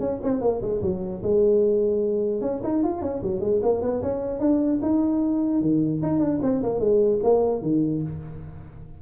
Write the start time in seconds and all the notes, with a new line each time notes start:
0.00 C#4
0.23 C4
0.41 A#3
0.61 G#3
0.82 F#3
1.23 G#3
2.41 C#4
2.63 D#4
2.83 F4
3.01 C#4
3.23 F#3
3.40 G#3
3.62 A#3
3.81 B3
4.02 C#4
4.39 D4
4.82 D#4
5.61 D#3
6.02 D#4
6.19 D4
6.42 C4
6.63 A#3
6.79 G#3
7.23 A#3
7.62 D#3